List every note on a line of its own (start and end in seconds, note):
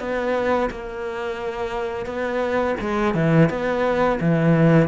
0.00 0.70 B3
0.70 2.06 A#3
2.06 2.76 B3
2.81 3.15 G#3
3.15 3.49 E3
3.49 4.19 B3
4.21 4.88 E3